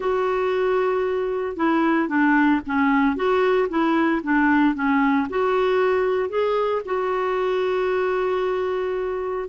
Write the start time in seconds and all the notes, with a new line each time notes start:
0.00 F#4
1.56 E4
2.08 D4
2.66 C#4
3.16 F#4
3.69 E4
4.23 D4
4.74 C#4
5.29 F#4
6.29 G#4
6.85 F#4